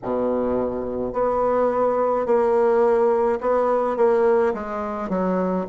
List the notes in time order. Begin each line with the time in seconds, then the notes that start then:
0.03 B2
1.13 B3
2.26 A#3
3.40 B3
3.96 A#3
4.53 G#3
5.09 F#3